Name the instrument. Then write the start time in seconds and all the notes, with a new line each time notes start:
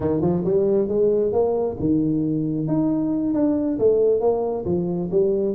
tuba
0.00 D#3
0.21 F3
0.44 G3
0.87 G#3
1.32 A#3
1.79 D#3
2.67 D#4
3.34 D4
3.78 A3
4.20 A#3
4.65 F3
5.11 G3